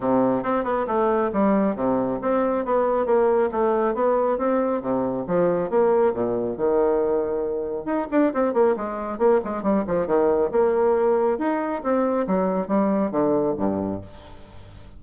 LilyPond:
\new Staff \with { instrumentName = "bassoon" } { \time 4/4 \tempo 4 = 137 c4 c'8 b8 a4 g4 | c4 c'4 b4 ais4 | a4 b4 c'4 c4 | f4 ais4 ais,4 dis4~ |
dis2 dis'8 d'8 c'8 ais8 | gis4 ais8 gis8 g8 f8 dis4 | ais2 dis'4 c'4 | fis4 g4 d4 g,4 | }